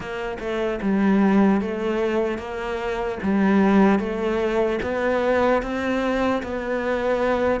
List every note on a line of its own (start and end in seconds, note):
0.00 0.37 A#3
0.39 0.79 A3
0.82 1.61 G3
1.61 2.38 A3
2.38 3.18 A#3
3.23 3.99 G3
3.99 4.79 A3
4.82 5.62 B3
5.62 6.42 C4
6.43 7.60 B3